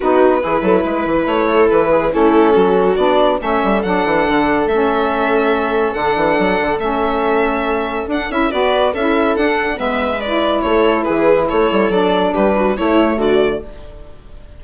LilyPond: <<
  \new Staff \with { instrumentName = "violin" } { \time 4/4 \tempo 4 = 141 b'2. cis''4 | b'4 a'2 d''4 | e''4 fis''2 e''4~ | e''2 fis''2 |
e''2. fis''8 e''8 | d''4 e''4 fis''4 e''4 | d''4 cis''4 b'4 cis''4 | d''4 b'4 cis''4 d''4 | }
  \new Staff \with { instrumentName = "viola" } { \time 4/4 fis'4 gis'8 a'8 b'4. a'8~ | a'8 gis'8 e'4 fis'2 | a'1~ | a'1~ |
a'1 | b'4 a'2 b'4~ | b'4 a'4 gis'4 a'4~ | a'4 g'8 fis'8 e'4 fis'4 | }
  \new Staff \with { instrumentName = "saxophone" } { \time 4/4 dis'4 e'2.~ | e'4 cis'2 d'4 | cis'4 d'2 cis'4~ | cis'2 d'2 |
cis'2. d'8 e'8 | fis'4 e'4 d'4 b4 | e'1 | d'2 a2 | }
  \new Staff \with { instrumentName = "bassoon" } { \time 4/4 b4 e8 fis8 gis8 e8 a4 | e4 a4 fis4 b4 | a8 g8 fis8 e8 d4 a4~ | a2 d8 e8 fis8 d8 |
a2. d'8 cis'8 | b4 cis'4 d'4 gis4~ | gis4 a4 e4 a8 g8 | fis4 g4 a4 d4 | }
>>